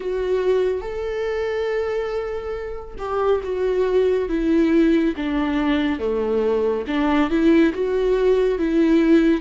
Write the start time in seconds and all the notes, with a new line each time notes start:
0.00 F#4
0.81 A4
2.98 G4
3.43 F#4
4.29 E4
5.16 D4
5.99 A3
6.86 D4
7.29 E4
7.73 F#4
8.58 E4